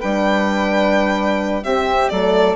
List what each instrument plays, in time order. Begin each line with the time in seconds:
0.00 bassoon G3, horn D4, flute B4, violin G5
1.64 bassoon C4, horn C4, flute G4, violin E5
2.09 bassoon F#3, horn A3, flute A4, violin D5